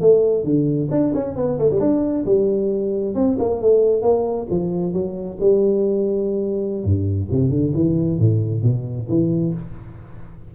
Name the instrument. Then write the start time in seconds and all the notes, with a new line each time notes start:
tuba
0.00 A3
0.44 D3
0.91 D4
1.14 C#4
1.36 B3
1.58 A3
1.70 G3
1.80 D4
2.25 G3
3.14 C4
3.38 A#3
3.61 A3
4.02 A#3
4.50 F3
4.93 F#3
5.40 G3
6.84 G2
7.31 C3
7.50 D3
7.74 E3
8.19 A2
8.62 B2
9.08 E3